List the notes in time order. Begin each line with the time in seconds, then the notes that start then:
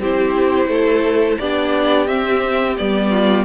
0.00 C4 E4 G4 C5
0.68 A3 A4
1.39 B3 D4 G4 D5
2.08 C4 E5
2.78 G3 B3 D5
3.11 F4